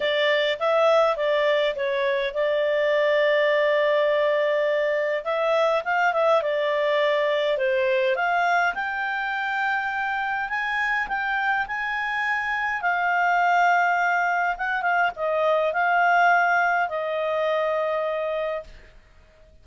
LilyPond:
\new Staff \with { instrumentName = "clarinet" } { \time 4/4 \tempo 4 = 103 d''4 e''4 d''4 cis''4 | d''1~ | d''4 e''4 f''8 e''8 d''4~ | d''4 c''4 f''4 g''4~ |
g''2 gis''4 g''4 | gis''2 f''2~ | f''4 fis''8 f''8 dis''4 f''4~ | f''4 dis''2. | }